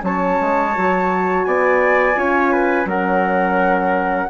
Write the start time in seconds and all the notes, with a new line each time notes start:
0.00 F#3 C#4 C#5 A5
0.41 G#3
0.75 F#3 F#4
1.44 B3 D5 G#5
2.15 C#4 F4 C#5
2.52 B4
2.86 F#3 C#4 A#4 F#5